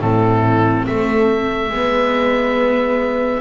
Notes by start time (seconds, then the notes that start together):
0.00 A2 C4 E4 A4
0.86 A3 A4 E5
1.69 G#3 B3 B4